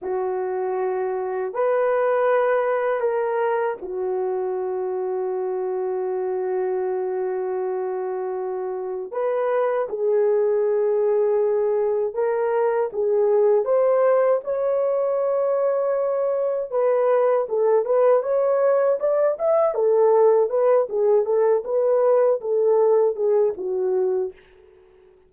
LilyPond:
\new Staff \with { instrumentName = "horn" } { \time 4/4 \tempo 4 = 79 fis'2 b'2 | ais'4 fis'2.~ | fis'1 | b'4 gis'2. |
ais'4 gis'4 c''4 cis''4~ | cis''2 b'4 a'8 b'8 | cis''4 d''8 e''8 a'4 b'8 gis'8 | a'8 b'4 a'4 gis'8 fis'4 | }